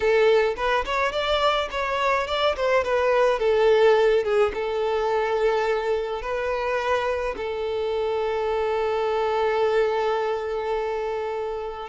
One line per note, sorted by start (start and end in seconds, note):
0.00 0.55 A4
0.56 0.84 B4
0.85 1.12 C#5
1.12 1.68 D5
1.70 2.27 C#5
2.27 2.55 D5
2.56 2.84 C5
2.84 3.39 B4
3.39 4.23 A4
4.23 4.52 G#4
4.54 6.22 A4
6.22 7.35 B4
7.36 11.89 A4